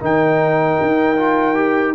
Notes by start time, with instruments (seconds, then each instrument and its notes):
0.00 tuba D#3, trombone D#4, horn A#4, trumpet G5
0.82 tuba D#4
1.17 trombone F4
1.55 trombone G4